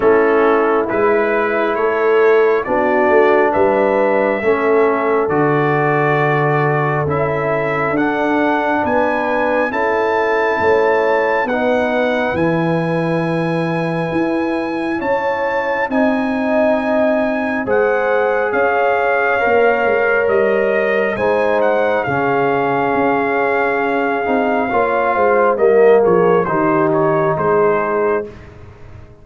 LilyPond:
<<
  \new Staff \with { instrumentName = "trumpet" } { \time 4/4 \tempo 4 = 68 a'4 b'4 cis''4 d''4 | e''2 d''2 | e''4 fis''4 gis''4 a''4~ | a''4 fis''4 gis''2~ |
gis''4 a''4 gis''2 | fis''4 f''2 dis''4 | gis''8 fis''8 f''2.~ | f''4 dis''8 cis''8 c''8 cis''8 c''4 | }
  \new Staff \with { instrumentName = "horn" } { \time 4/4 e'2 a'4 fis'4 | b'4 a'2.~ | a'2 b'4 a'4 | cis''4 b'2.~ |
b'4 cis''4 dis''2 | c''4 cis''2. | c''4 gis'2. | cis''8 c''8 ais'8 gis'8 g'4 gis'4 | }
  \new Staff \with { instrumentName = "trombone" } { \time 4/4 cis'4 e'2 d'4~ | d'4 cis'4 fis'2 | e'4 d'2 e'4~ | e'4 dis'4 e'2~ |
e'2 dis'2 | gis'2 ais'2 | dis'4 cis'2~ cis'8 dis'8 | f'4 ais4 dis'2 | }
  \new Staff \with { instrumentName = "tuba" } { \time 4/4 a4 gis4 a4 b8 a8 | g4 a4 d2 | cis'4 d'4 b4 cis'4 | a4 b4 e2 |
e'4 cis'4 c'2 | gis4 cis'4 ais8 gis8 g4 | gis4 cis4 cis'4. c'8 | ais8 gis8 g8 f8 dis4 gis4 | }
>>